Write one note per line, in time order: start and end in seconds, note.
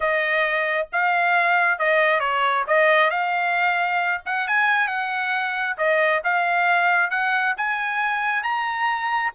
0.00 0.87 D#5
0.92 1.78 F5
1.78 2.20 D#5
2.20 2.64 C#5
2.67 3.10 D#5
3.10 4.21 F5
4.25 4.47 F#5
4.47 4.87 G#5
4.87 5.76 F#5
5.77 6.22 D#5
6.24 7.10 F5
7.10 7.54 F#5
7.57 8.43 G#5
8.43 9.32 A#5